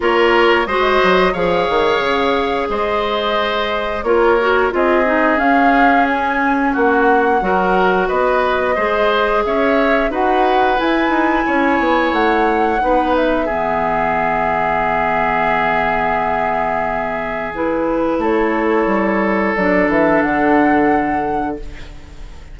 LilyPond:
<<
  \new Staff \with { instrumentName = "flute" } { \time 4/4 \tempo 4 = 89 cis''4 dis''4 f''2 | dis''2 cis''4 dis''4 | f''4 gis''4 fis''2 | dis''2 e''4 fis''4 |
gis''2 fis''4. e''8~ | e''1~ | e''2 b'4 cis''4~ | cis''4 d''8 e''8 fis''2 | }
  \new Staff \with { instrumentName = "oboe" } { \time 4/4 ais'4 c''4 cis''2 | c''2 ais'4 gis'4~ | gis'2 fis'4 ais'4 | b'4 c''4 cis''4 b'4~ |
b'4 cis''2 b'4 | gis'1~ | gis'2. a'4~ | a'1 | }
  \new Staff \with { instrumentName = "clarinet" } { \time 4/4 f'4 fis'4 gis'2~ | gis'2 f'8 fis'8 f'8 dis'8 | cis'2. fis'4~ | fis'4 gis'2 fis'4 |
e'2. dis'4 | b1~ | b2 e'2~ | e'4 d'2. | }
  \new Staff \with { instrumentName = "bassoon" } { \time 4/4 ais4 gis8 fis8 f8 dis8 cis4 | gis2 ais4 c'4 | cis'2 ais4 fis4 | b4 gis4 cis'4 dis'4 |
e'8 dis'8 cis'8 b8 a4 b4 | e1~ | e2. a4 | g4 fis8 e8 d2 | }
>>